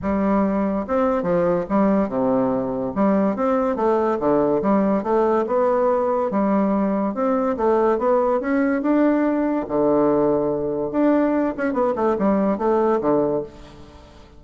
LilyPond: \new Staff \with { instrumentName = "bassoon" } { \time 4/4 \tempo 4 = 143 g2 c'4 f4 | g4 c2 g4 | c'4 a4 d4 g4 | a4 b2 g4~ |
g4 c'4 a4 b4 | cis'4 d'2 d4~ | d2 d'4. cis'8 | b8 a8 g4 a4 d4 | }